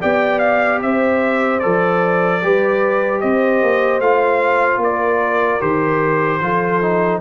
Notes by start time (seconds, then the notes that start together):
0.00 B3 G4 D5 G5
0.39 F5
0.81 C4 C5 E5
1.59 F3 A4 D5
2.42 G3 G4 B4
3.20 C4 C5 D#5
3.62 A#3
3.99 A3 F4 F5
4.77 A#3 A#4
4.83 D5
5.60 D#3 G4 C5
6.40 F3 F4 A4
6.81 D#4